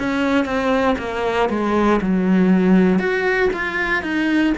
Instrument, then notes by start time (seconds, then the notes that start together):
cello
0.00 C#4
0.45 C4
0.99 A#3
1.50 G#3
2.02 F#3
3.00 F#4
3.54 F4
4.03 D#4